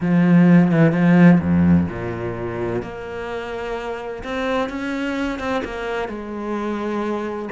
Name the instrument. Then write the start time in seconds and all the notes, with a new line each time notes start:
cello
0.00 F3
0.71 E3
0.92 F3
1.39 F2
1.89 A#2
2.82 A#3
4.23 C4
4.69 C#4
5.39 C4
5.64 A#3
6.08 G#3